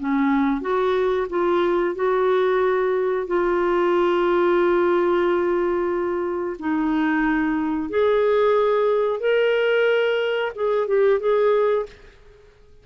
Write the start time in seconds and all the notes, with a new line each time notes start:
0.00 C#4
0.62 F#4
1.30 F4
1.96 F#4
3.28 F4
6.59 D#4
7.90 G#4
9.20 A#4
10.56 G#4
10.88 G4
11.20 G#4